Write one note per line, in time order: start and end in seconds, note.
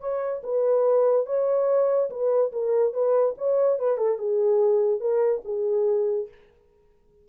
0.00 0.42 C#5
0.43 1.26 B4
1.26 2.10 C#5
2.10 2.52 B4
2.52 2.93 A#4
2.93 3.35 B4
3.38 3.79 C#5
3.79 3.98 B4
3.98 4.18 A4
4.18 5.00 G#4
5.00 5.42 A#4
5.45 6.28 G#4